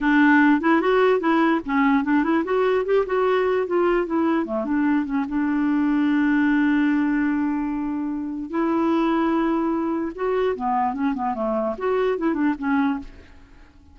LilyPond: \new Staff \with { instrumentName = "clarinet" } { \time 4/4 \tempo 4 = 148 d'4. e'8 fis'4 e'4 | cis'4 d'8 e'8 fis'4 g'8 fis'8~ | fis'4 f'4 e'4 a8 d'8~ | d'8 cis'8 d'2.~ |
d'1~ | d'4 e'2.~ | e'4 fis'4 b4 cis'8 b8 | a4 fis'4 e'8 d'8 cis'4 | }